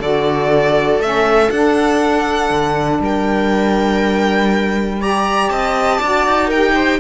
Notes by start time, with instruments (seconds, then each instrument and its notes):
0.00 cello D3, saxophone F#4, viola A4, violin D5
0.99 cello A3, saxophone C#4, violin E5
1.51 cello D4, saxophone D4, violin F#5
2.50 cello D3
3.00 cello G3, viola A#4, violin G5
5.01 saxophone G4, viola D5, violin A#5
5.50 cello C4, viola D#5, violin A5
5.99 cello D4, saxophone F#4, viola D5
6.26 cello D#4
6.48 saxophone G4, viola A#4, violin G5
6.75 viola C5